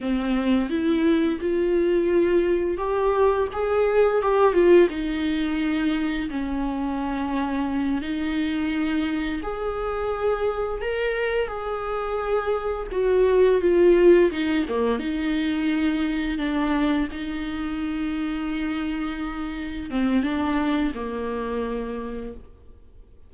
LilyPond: \new Staff \with { instrumentName = "viola" } { \time 4/4 \tempo 4 = 86 c'4 e'4 f'2 | g'4 gis'4 g'8 f'8 dis'4~ | dis'4 cis'2~ cis'8 dis'8~ | dis'4. gis'2 ais'8~ |
ais'8 gis'2 fis'4 f'8~ | f'8 dis'8 ais8 dis'2 d'8~ | d'8 dis'2.~ dis'8~ | dis'8 c'8 d'4 ais2 | }